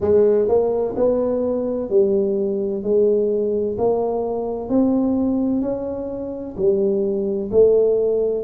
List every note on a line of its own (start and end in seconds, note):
0.00 0.47 G#3
0.48 0.95 A#3
0.96 1.89 B3
1.89 2.83 G3
2.83 3.76 G#3
3.78 4.69 A#3
4.69 5.61 C4
5.61 6.55 C#4
6.56 7.50 G3
7.51 8.43 A3